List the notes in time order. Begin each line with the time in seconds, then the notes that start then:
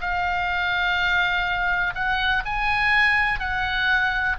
0.00 F5
1.94 F#5
2.45 G#5
3.39 F#5